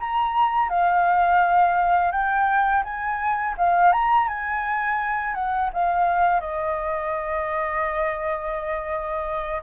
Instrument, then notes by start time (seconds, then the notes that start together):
flute
0.00 A#5
0.69 F5
2.12 G5
2.84 G#5
3.58 F5
3.92 A#5
4.28 G#5
5.34 F#5
5.73 F5
6.41 D#5